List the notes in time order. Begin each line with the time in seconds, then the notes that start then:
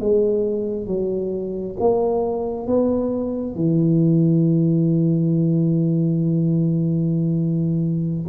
0.00 G#3
0.87 F#3
1.80 A#3
2.67 B3
3.55 E3